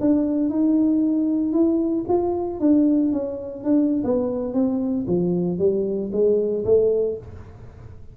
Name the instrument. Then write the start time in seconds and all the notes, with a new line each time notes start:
tuba
0.00 D4
0.49 D#4
1.52 E4
2.08 F4
2.60 D4
3.12 C#4
3.64 D4
4.04 B3
4.53 C4
5.07 F3
5.58 G3
6.12 G#3
6.65 A3